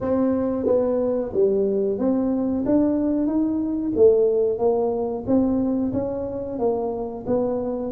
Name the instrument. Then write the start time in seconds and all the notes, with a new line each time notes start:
tuba
0.01 C4
0.66 B3
1.33 G3
1.98 C4
2.65 D4
3.26 D#4
3.96 A3
4.58 A#3
5.26 C4
5.93 C#4
6.58 A#3
7.26 B3